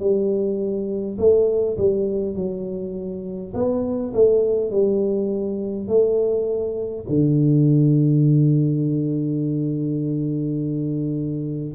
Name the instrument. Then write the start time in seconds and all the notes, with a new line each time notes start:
tuba
0.00 G3
1.19 A3
1.78 G3
2.36 F#3
3.55 B3
4.14 A3
4.71 G3
5.88 A3
7.09 D3